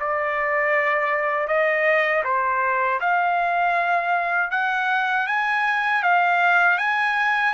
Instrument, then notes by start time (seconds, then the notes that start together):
trumpet
0.00 D5
1.48 D#5
2.24 C5
3.01 F5
4.51 F#5
5.27 G#5
6.03 F5
6.78 G#5